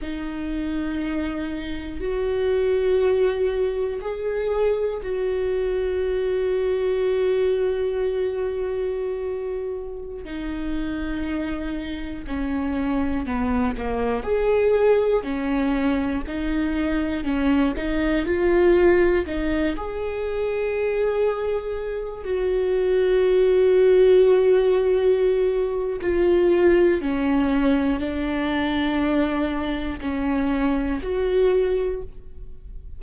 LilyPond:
\new Staff \with { instrumentName = "viola" } { \time 4/4 \tempo 4 = 60 dis'2 fis'2 | gis'4 fis'2.~ | fis'2~ fis'16 dis'4.~ dis'16~ | dis'16 cis'4 b8 ais8 gis'4 cis'8.~ |
cis'16 dis'4 cis'8 dis'8 f'4 dis'8 gis'16~ | gis'2~ gis'16 fis'4.~ fis'16~ | fis'2 f'4 cis'4 | d'2 cis'4 fis'4 | }